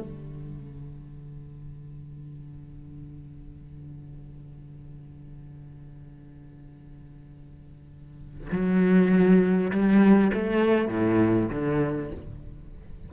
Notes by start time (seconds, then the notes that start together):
0.00 D3
8.52 F#3
9.71 G3
10.34 A3
10.88 A2
11.51 D3